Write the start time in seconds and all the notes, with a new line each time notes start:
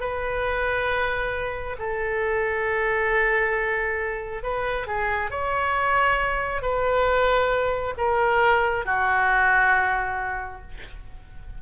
0.00 B4
1.78 A4
4.43 B4
4.87 G#4
5.30 C#5
6.62 B4
7.97 A#4
8.85 F#4